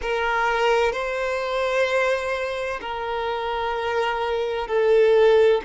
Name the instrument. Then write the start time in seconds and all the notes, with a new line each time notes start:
violin
0.01 A#4
0.92 C5
2.81 A#4
4.67 A4